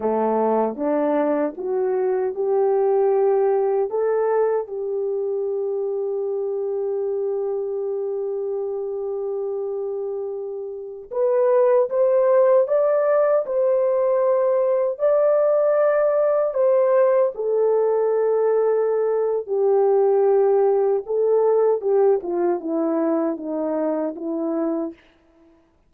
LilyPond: \new Staff \with { instrumentName = "horn" } { \time 4/4 \tempo 4 = 77 a4 d'4 fis'4 g'4~ | g'4 a'4 g'2~ | g'1~ | g'2~ g'16 b'4 c''8.~ |
c''16 d''4 c''2 d''8.~ | d''4~ d''16 c''4 a'4.~ a'16~ | a'4 g'2 a'4 | g'8 f'8 e'4 dis'4 e'4 | }